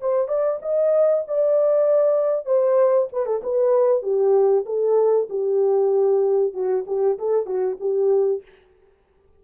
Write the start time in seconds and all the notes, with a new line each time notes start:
0.00 C5
0.28 D5
0.62 D#5
1.27 D5
2.45 C5
3.12 B4
3.26 A4
3.43 B4
4.02 G4
4.65 A4
5.29 G4
6.53 F#4
6.86 G4
7.18 A4
7.45 F#4
7.80 G4